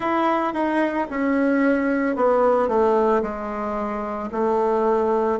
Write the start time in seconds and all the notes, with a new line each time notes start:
0.00 E4
0.54 D#4
1.10 C#4
2.15 B3
2.68 A3
3.22 G#3
4.31 A3